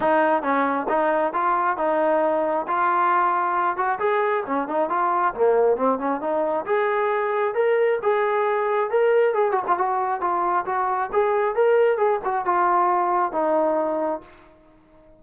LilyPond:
\new Staff \with { instrumentName = "trombone" } { \time 4/4 \tempo 4 = 135 dis'4 cis'4 dis'4 f'4 | dis'2 f'2~ | f'8 fis'8 gis'4 cis'8 dis'8 f'4 | ais4 c'8 cis'8 dis'4 gis'4~ |
gis'4 ais'4 gis'2 | ais'4 gis'8 fis'16 f'16 fis'4 f'4 | fis'4 gis'4 ais'4 gis'8 fis'8 | f'2 dis'2 | }